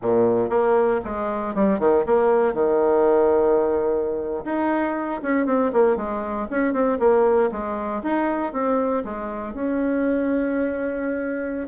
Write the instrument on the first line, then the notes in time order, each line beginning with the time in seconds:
bassoon
0.02 A#2
0.49 A#3
1.04 G#3
1.54 G3
1.79 D#3
2.05 A#3
2.53 D#3
4.44 D#4
5.22 C#4
5.46 C4
5.72 A#3
5.96 G#3
6.50 C#4
6.73 C4
6.99 A#3
7.51 G#3
8.02 D#4
8.52 C4
9.04 G#3
9.54 C#4